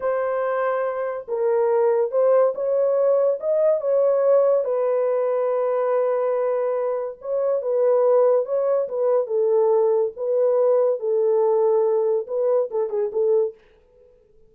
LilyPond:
\new Staff \with { instrumentName = "horn" } { \time 4/4 \tempo 4 = 142 c''2. ais'4~ | ais'4 c''4 cis''2 | dis''4 cis''2 b'4~ | b'1~ |
b'4 cis''4 b'2 | cis''4 b'4 a'2 | b'2 a'2~ | a'4 b'4 a'8 gis'8 a'4 | }